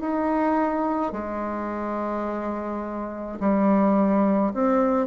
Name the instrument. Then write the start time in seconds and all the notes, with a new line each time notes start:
bassoon
0.00 D#4
1.13 G#3
3.40 G3
4.53 C4